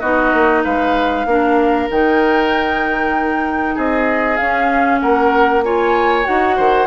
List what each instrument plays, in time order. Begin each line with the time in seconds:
0.00 bassoon B3, clarinet D#4, oboe F#4, flute D#5
0.33 bassoon A#3
0.64 bassoon G#3, oboe B4, flute F5
1.25 bassoon A#3, clarinet D4, oboe A#4
1.90 bassoon D#3, clarinet D#4, flute G5
3.75 bassoon C4, oboe G#4, flute D#5
4.37 clarinet C#4, bassoon C#4, flute F5
5.01 bassoon A#3, oboe A#4, flute F#5
5.64 clarinet F4, oboe C#5, flute G#5
6.24 bassoon D#4, clarinet F#4, flute F#5
6.56 bassoon D#3, oboe C5